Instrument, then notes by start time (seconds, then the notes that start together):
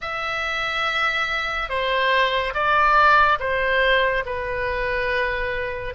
oboe
0.01 E5
1.69 C5
2.54 D5
3.39 C5
4.25 B4